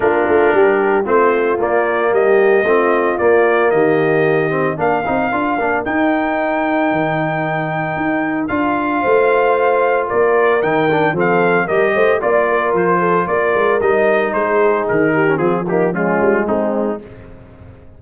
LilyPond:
<<
  \new Staff \with { instrumentName = "trumpet" } { \time 4/4 \tempo 4 = 113 ais'2 c''4 d''4 | dis''2 d''4 dis''4~ | dis''4 f''2 g''4~ | g''1 |
f''2. d''4 | g''4 f''4 dis''4 d''4 | c''4 d''4 dis''4 c''4 | ais'4 gis'8 g'8 f'4 dis'4 | }
  \new Staff \with { instrumentName = "horn" } { \time 4/4 f'4 g'4 f'2 | g'4 f'2 g'4~ | g'4 ais'2.~ | ais'1~ |
ais'4 c''2 ais'4~ | ais'4 a'4 ais'8 c''8 d''8 ais'8~ | ais'8 a'8 ais'2 gis'4~ | gis'8 g'8 f'8 dis'8 cis'4 c'4 | }
  \new Staff \with { instrumentName = "trombone" } { \time 4/4 d'2 c'4 ais4~ | ais4 c'4 ais2~ | ais8 c'8 d'8 dis'8 f'8 d'8 dis'4~ | dis'1 |
f'1 | dis'8 d'8 c'4 g'4 f'4~ | f'2 dis'2~ | dis'8. cis'16 c'8 ais8 gis2 | }
  \new Staff \with { instrumentName = "tuba" } { \time 4/4 ais8 a8 g4 a4 ais4 | g4 a4 ais4 dis4~ | dis4 ais8 c'8 d'8 ais8 dis'4~ | dis'4 dis2 dis'4 |
d'4 a2 ais4 | dis4 f4 g8 a8 ais4 | f4 ais8 gis8 g4 gis4 | dis4 f4. g8 gis4 | }
>>